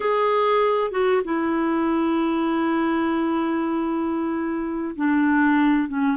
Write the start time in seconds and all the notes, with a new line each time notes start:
0.00 G#4
0.91 F#4
1.24 E4
4.96 D4
5.88 C#4